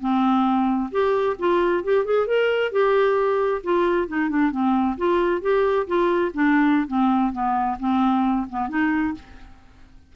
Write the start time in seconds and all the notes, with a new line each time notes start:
0.00 C4
0.91 G4
1.39 F4
1.84 G4
2.05 G#4
2.27 A#4
2.71 G4
3.63 F4
4.08 D#4
4.29 D4
4.51 C4
4.97 F4
5.41 G4
5.87 F4
6.33 D4
6.87 C4
7.32 B3
7.79 C4
8.50 B3
8.69 D#4